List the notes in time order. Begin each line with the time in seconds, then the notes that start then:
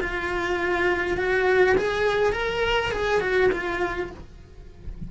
0.00 F4
1.17 F#4
1.77 G#4
2.32 A#4
2.91 G#4
3.20 F#4
3.51 F4